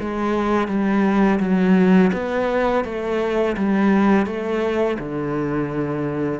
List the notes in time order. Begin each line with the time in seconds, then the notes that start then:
0.00 G#3
0.68 G3
1.40 F#3
2.13 B3
2.84 A3
3.57 G3
4.26 A3
4.99 D3